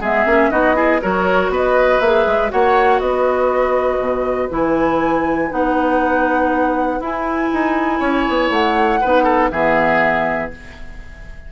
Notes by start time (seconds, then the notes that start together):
0.00 G#3 B3 G#4 E5
0.26 A#3 C#4
0.51 B3 D#4 F#4 D#5
0.75 E4 G#4
1.02 F#3 F#4 A#4 C#5
1.49 B3 B4
1.56 D#5
2.00 A#3 G#4 E5
2.27 G#3
2.49 A#3 F#4 C#5 F#5
2.99 B3 B4 D#5
3.99 B2
4.50 E3 E4 G#5
5.50 B3 D#4 F#5
7.00 E4 G#5
7.53 D#4
7.99 C#4 C#5
8.28 B3
8.50 A3 F#5
9.01 B3 D#4 B4
9.24 A4
9.51 E3 B3 G#4 E5